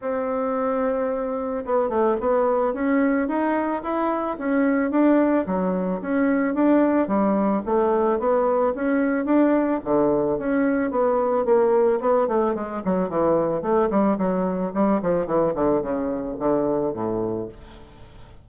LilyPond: \new Staff \with { instrumentName = "bassoon" } { \time 4/4 \tempo 4 = 110 c'2. b8 a8 | b4 cis'4 dis'4 e'4 | cis'4 d'4 fis4 cis'4 | d'4 g4 a4 b4 |
cis'4 d'4 d4 cis'4 | b4 ais4 b8 a8 gis8 fis8 | e4 a8 g8 fis4 g8 f8 | e8 d8 cis4 d4 a,4 | }